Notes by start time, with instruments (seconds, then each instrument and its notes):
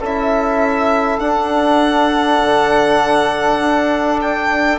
0.00 bassoon C#4, trombone E4, oboe A4, violin E5
1.20 bassoon D4, trombone D4, violin F#5
2.42 bassoon D3
3.59 bassoon D4
4.22 violin G5